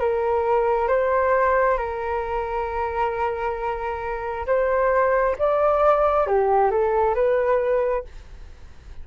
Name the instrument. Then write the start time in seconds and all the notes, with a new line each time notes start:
flute
0.00 A#4
0.88 C5
1.77 A#4
4.47 C5
5.38 D5
6.27 G4
6.71 A4
7.15 B4